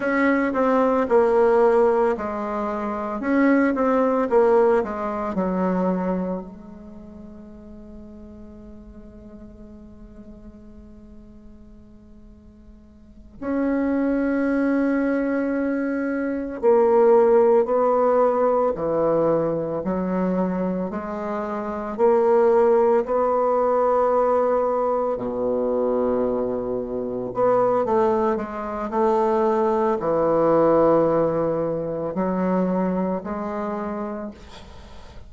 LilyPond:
\new Staff \with { instrumentName = "bassoon" } { \time 4/4 \tempo 4 = 56 cis'8 c'8 ais4 gis4 cis'8 c'8 | ais8 gis8 fis4 gis2~ | gis1~ | gis8 cis'2. ais8~ |
ais8 b4 e4 fis4 gis8~ | gis8 ais4 b2 b,8~ | b,4. b8 a8 gis8 a4 | e2 fis4 gis4 | }